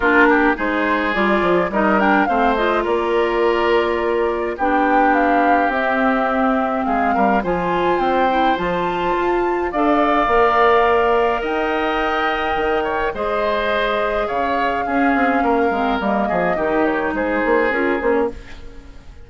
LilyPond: <<
  \new Staff \with { instrumentName = "flute" } { \time 4/4 \tempo 4 = 105 ais'4 c''4 d''4 dis''8 g''8 | f''8 dis''8 d''2. | g''4 f''4 e''2 | f''4 gis''4 g''4 a''4~ |
a''4 f''2. | g''2. dis''4~ | dis''4 f''2. | dis''4. cis''8 c''4 ais'8 c''16 cis''16 | }
  \new Staff \with { instrumentName = "oboe" } { \time 4/4 f'8 g'8 gis'2 ais'4 | c''4 ais'2. | g'1 | gis'8 ais'8 c''2.~ |
c''4 d''2. | dis''2~ dis''8 cis''8 c''4~ | c''4 cis''4 gis'4 ais'4~ | ais'8 gis'8 g'4 gis'2 | }
  \new Staff \with { instrumentName = "clarinet" } { \time 4/4 d'4 dis'4 f'4 dis'8 d'8 | c'8 f'2.~ f'8 | d'2 c'2~ | c'4 f'4. e'8 f'4~ |
f'4 a'4 ais'2~ | ais'2. gis'4~ | gis'2 cis'4. c'8 | ais4 dis'2 f'8 cis'8 | }
  \new Staff \with { instrumentName = "bassoon" } { \time 4/4 ais4 gis4 g8 f8 g4 | a4 ais2. | b2 c'2 | gis8 g8 f4 c'4 f4 |
f'4 d'4 ais2 | dis'2 dis4 gis4~ | gis4 cis4 cis'8 c'8 ais8 gis8 | g8 f8 dis4 gis8 ais8 cis'8 ais8 | }
>>